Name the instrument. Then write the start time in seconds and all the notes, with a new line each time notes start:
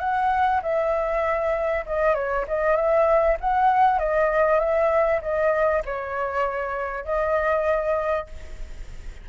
flute
0.00 F#5
0.63 E5
1.86 D#5
2.15 C#5
2.48 D#5
2.76 E5
3.41 F#5
3.99 D#5
4.60 E5
5.22 D#5
5.86 C#5
7.05 D#5